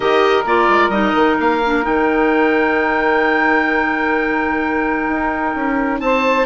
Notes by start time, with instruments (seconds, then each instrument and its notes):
0.00 bassoon D#3, clarinet G4, saxophone A#4, oboe D#5
0.44 bassoon A#3, clarinet F4, oboe D5
0.69 bassoon G#3
0.88 bassoon G3, clarinet D#4, oboe D#5
1.15 bassoon D#3
1.39 bassoon A#3, oboe F5
1.65 clarinet D4
1.82 bassoon D#3, clarinet D#4, oboe G5
5.08 bassoon D#4
5.54 bassoon C#4
6.00 bassoon C4, saxophone C5, oboe A5